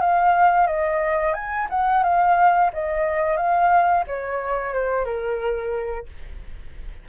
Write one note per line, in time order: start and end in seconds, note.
0.00 0.66 F5
0.66 1.33 D#5
1.33 1.67 G#5
1.69 2.03 F#5
2.03 2.70 F5
2.73 3.36 D#5
3.36 4.04 F5
4.07 4.73 C#5
4.73 5.04 C5
5.04 6.06 A#4